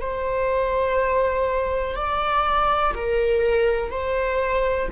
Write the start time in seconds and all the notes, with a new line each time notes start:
0.00 C5
1.95 D5
2.95 A#4
3.90 C5